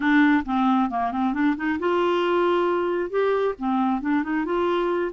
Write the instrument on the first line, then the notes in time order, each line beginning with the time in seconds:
clarinet
0.00 D4
0.45 C4
0.90 A#3
1.11 C4
1.33 D4
1.56 D#4
1.79 F4
3.09 G4
3.58 C4
4.01 D4
4.23 D#4
4.45 F4